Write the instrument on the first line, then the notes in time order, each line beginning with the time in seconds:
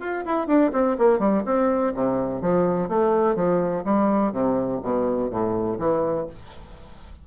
bassoon
0.00 F4
0.26 E4
0.48 D4
0.73 C4
0.99 A#3
1.19 G3
1.46 C4
1.95 C3
2.42 F3
2.89 A3
3.36 F3
3.85 G3
4.32 C3
4.83 B2
5.30 A2
5.79 E3